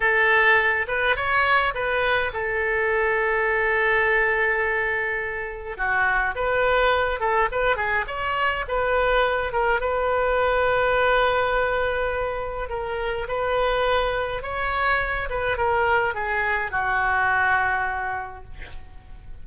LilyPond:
\new Staff \with { instrumentName = "oboe" } { \time 4/4 \tempo 4 = 104 a'4. b'8 cis''4 b'4 | a'1~ | a'2 fis'4 b'4~ | b'8 a'8 b'8 gis'8 cis''4 b'4~ |
b'8 ais'8 b'2.~ | b'2 ais'4 b'4~ | b'4 cis''4. b'8 ais'4 | gis'4 fis'2. | }